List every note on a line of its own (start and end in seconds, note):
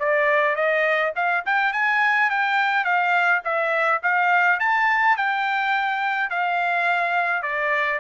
0.00 0.56 D5
0.56 1.13 D#5
1.16 1.44 F5
1.46 1.73 G5
1.73 2.30 G#5
2.30 2.85 G5
2.85 3.42 F5
3.45 4.02 E5
4.03 4.60 F5
4.60 5.17 A5
5.17 6.30 G5
6.30 7.43 F5
7.43 8.00 D5